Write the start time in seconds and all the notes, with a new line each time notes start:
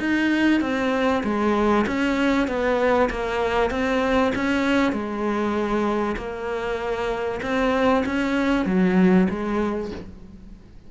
0.00 D#4
0.61 C4
1.24 G#3
1.88 C#4
2.48 B3
3.10 A#3
3.71 C4
4.36 C#4
4.93 G#3
6.17 A#3
7.43 C4
8.06 C#4
8.66 F#3
9.30 G#3